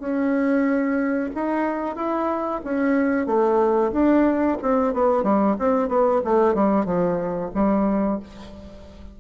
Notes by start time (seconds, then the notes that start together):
0.00 C#4
1.35 D#4
1.96 E4
2.65 C#4
3.27 A3
3.92 D4
4.62 C4
4.94 B3
5.24 G3
5.59 C4
5.89 B3
6.25 A3
6.55 G3
6.86 F3
7.55 G3